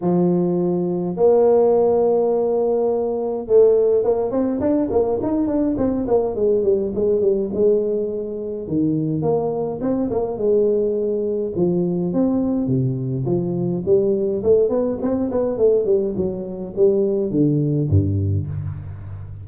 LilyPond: \new Staff \with { instrumentName = "tuba" } { \time 4/4 \tempo 4 = 104 f2 ais2~ | ais2 a4 ais8 c'8 | d'8 ais8 dis'8 d'8 c'8 ais8 gis8 g8 | gis8 g8 gis2 dis4 |
ais4 c'8 ais8 gis2 | f4 c'4 c4 f4 | g4 a8 b8 c'8 b8 a8 g8 | fis4 g4 d4 g,4 | }